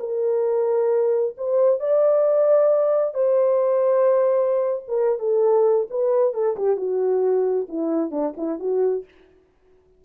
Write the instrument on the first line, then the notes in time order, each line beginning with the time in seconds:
horn
0.00 A#4
1.37 C5
1.80 D5
3.14 C5
4.88 A#4
5.19 A4
5.90 B4
6.34 A4
6.57 G4
6.77 F#4
7.69 E4
8.11 D4
8.37 E4
8.60 F#4